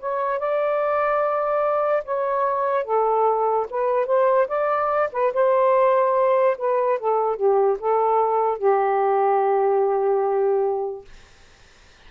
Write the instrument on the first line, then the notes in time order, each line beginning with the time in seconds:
saxophone
0.00 C#5
0.39 D5
2.05 C#5
2.84 A4
3.70 B4
4.06 C5
4.48 D5
5.13 B4
5.34 C5
6.58 B4
6.99 A4
7.36 G4
7.79 A4
8.59 G4